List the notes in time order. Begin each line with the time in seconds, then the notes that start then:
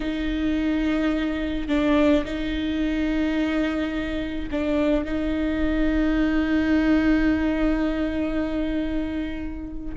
0.00 D#4
1.68 D4
2.25 D#4
4.51 D4
5.04 D#4